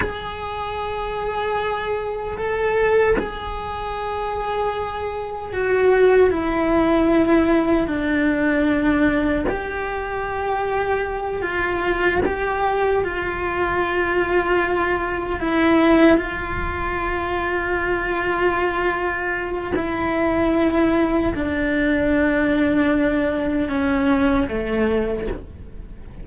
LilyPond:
\new Staff \with { instrumentName = "cello" } { \time 4/4 \tempo 4 = 76 gis'2. a'4 | gis'2. fis'4 | e'2 d'2 | g'2~ g'8 f'4 g'8~ |
g'8 f'2. e'8~ | e'8 f'2.~ f'8~ | f'4 e'2 d'4~ | d'2 cis'4 a4 | }